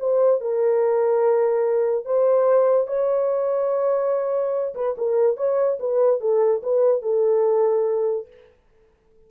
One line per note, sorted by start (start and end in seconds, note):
0.00 0.41 C5
0.41 2.06 A#4
2.06 2.87 C5
2.87 4.75 C#5
4.75 4.96 B4
4.98 5.37 A#4
5.37 5.79 C#5
5.80 6.21 B4
6.21 6.62 A4
6.63 7.02 B4
7.02 8.27 A4